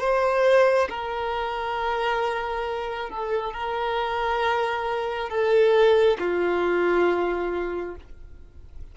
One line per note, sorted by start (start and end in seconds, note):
0.00 0.88 C5
0.89 3.10 A#4
3.10 3.53 A4
3.53 5.29 A#4
5.29 6.18 A4
6.19 7.95 F4